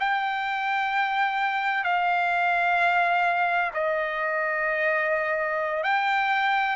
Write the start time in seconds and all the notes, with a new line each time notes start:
0.00 G5
1.84 F5
3.74 D#5
5.84 G5